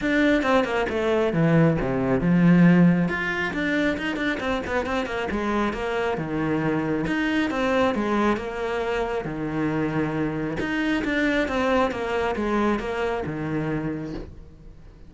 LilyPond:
\new Staff \with { instrumentName = "cello" } { \time 4/4 \tempo 4 = 136 d'4 c'8 ais8 a4 e4 | c4 f2 f'4 | d'4 dis'8 d'8 c'8 b8 c'8 ais8 | gis4 ais4 dis2 |
dis'4 c'4 gis4 ais4~ | ais4 dis2. | dis'4 d'4 c'4 ais4 | gis4 ais4 dis2 | }